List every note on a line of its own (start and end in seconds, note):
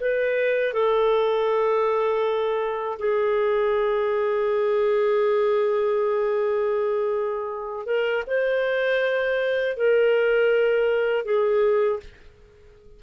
0.00 0.73 B4
0.73 2.98 A4
2.99 7.86 G#4
7.86 8.24 A#4
8.27 9.77 C5
9.77 11.25 A#4
11.25 12.00 G#4